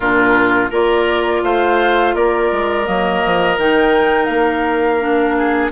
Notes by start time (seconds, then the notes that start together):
0.00 A#2 D4 F4 A#4
0.70 A#3 F4 A#4 D5
1.42 A3 C5 F5
2.14 A#3 A#4 D5
2.51 G#3
2.85 F#3 A#3 D#5
3.24 F3
3.57 D#3 D#4 G5
4.25 A#3 F5
5.00 D4
5.37 G#4